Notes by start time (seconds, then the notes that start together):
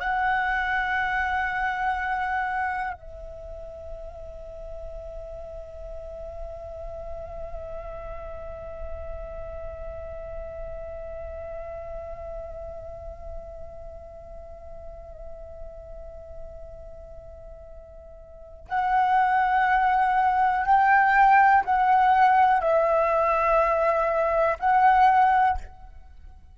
0.00 F#5
2.94 E5
18.69 F#5
20.66 G5
21.65 F#5
22.61 E5
24.60 F#5